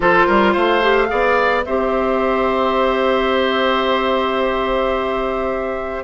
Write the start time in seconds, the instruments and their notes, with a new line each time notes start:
0.00 bassoon F3, clarinet F4, oboe A4, flute C5
0.26 bassoon G3, oboe A#4
0.52 bassoon A3, oboe C5, flute F5
0.82 clarinet G4
1.08 bassoon B3, clarinet G#4, oboe D5
1.65 bassoon C4, clarinet G4, oboe C5, flute E5